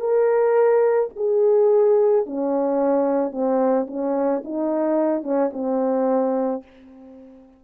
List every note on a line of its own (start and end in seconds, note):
0.00 1.10 A#4
1.17 2.26 G#4
2.26 3.32 C#4
3.32 3.87 C4
3.88 4.43 C#4
4.45 5.23 D#4
5.23 5.51 C#4
5.53 6.63 C4